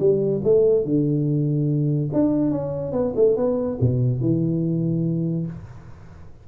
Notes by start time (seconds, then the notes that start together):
0.00 G3
0.44 A3
0.85 D3
2.13 D4
2.51 C#4
2.93 B3
3.16 A3
3.37 B3
3.81 B2
4.21 E3